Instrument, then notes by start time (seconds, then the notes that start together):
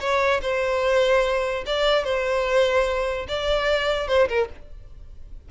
violin
0.00 C#5
0.42 C5
1.66 D5
2.04 C5
3.28 D5
4.08 C5
4.29 A#4